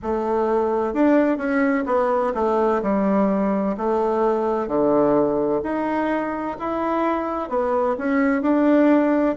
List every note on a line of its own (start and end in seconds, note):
0.02 0.93 A3
0.93 1.37 D4
1.37 1.84 C#4
1.86 2.33 B3
2.34 2.81 A3
2.82 3.75 G3
3.77 4.67 A3
4.67 5.61 D3
5.62 6.56 D#4
6.59 7.49 E4
7.49 7.96 B3
7.97 8.42 C#4
8.42 9.35 D4